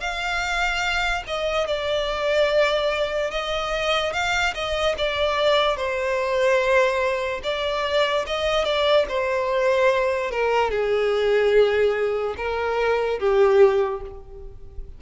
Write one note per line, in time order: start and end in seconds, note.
0.00 1.23 F5
1.27 1.67 D#5
1.67 3.31 D5
3.31 4.13 D#5
4.13 4.54 F5
4.54 4.95 D#5
4.98 5.77 D5
5.77 7.41 C5
7.43 8.26 D5
8.26 8.65 D#5
8.65 9.06 D5
9.09 10.31 C5
10.31 10.71 A#4
10.71 12.35 G#4
12.37 13.19 A#4
13.19 14.01 G4